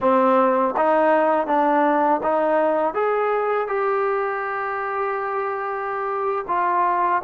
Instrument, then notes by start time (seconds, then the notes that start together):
trombone
0.00 C4
0.76 D#4
1.46 D4
2.22 D#4
2.94 G#4
3.67 G4
6.47 F4